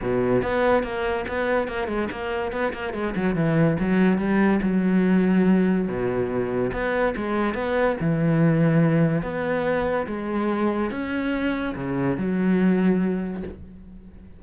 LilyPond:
\new Staff \with { instrumentName = "cello" } { \time 4/4 \tempo 4 = 143 b,4 b4 ais4 b4 | ais8 gis8 ais4 b8 ais8 gis8 fis8 | e4 fis4 g4 fis4~ | fis2 b,2 |
b4 gis4 b4 e4~ | e2 b2 | gis2 cis'2 | cis4 fis2. | }